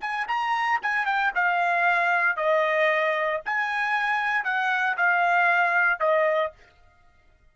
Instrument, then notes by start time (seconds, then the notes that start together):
trumpet
0.00 G#5
0.28 A#5
0.82 G#5
1.05 G5
1.34 F5
2.36 D#5
3.45 G#5
4.44 F#5
4.97 F5
6.00 D#5